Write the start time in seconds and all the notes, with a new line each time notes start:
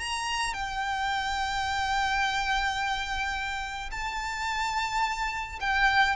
0.00 A#5
0.54 G5
3.92 A5
5.61 G5